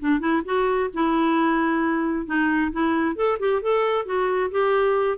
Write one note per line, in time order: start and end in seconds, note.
0.00 0.20 D4
0.20 0.42 E4
0.45 0.90 F#4
0.94 2.26 E4
2.26 2.71 D#4
2.72 3.16 E4
3.16 3.38 A4
3.40 3.62 G4
3.62 4.06 A4
4.06 4.51 F#4
4.51 5.18 G4